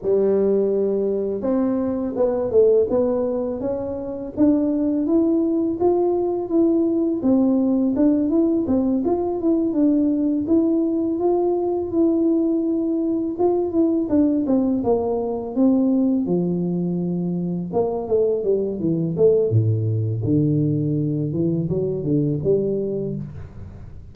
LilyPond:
\new Staff \with { instrumentName = "tuba" } { \time 4/4 \tempo 4 = 83 g2 c'4 b8 a8 | b4 cis'4 d'4 e'4 | f'4 e'4 c'4 d'8 e'8 | c'8 f'8 e'8 d'4 e'4 f'8~ |
f'8 e'2 f'8 e'8 d'8 | c'8 ais4 c'4 f4.~ | f8 ais8 a8 g8 e8 a8 a,4 | d4. e8 fis8 d8 g4 | }